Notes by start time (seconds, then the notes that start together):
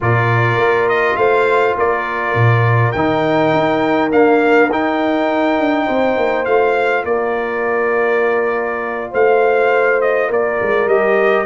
0.00 A#2 F4 A#4 D5
0.56 A#3
0.88 D#5
1.15 A3 C5 F5
1.77 A#3 A#4 D5
2.34 A#2
2.92 D#3 D#4 G5
3.53 D#4
4.10 A#3 D4 F5
4.70 D#4 G5
5.59 D4
5.86 C4 C5
6.17 A#3
6.45 A3 F4 F5
7.04 A#3 A#4 D5
9.11 A3 C5 F5
10.01 D#5
10.28 A#3 A#4 D5
10.61 G#3
10.85 G3 G4 D#5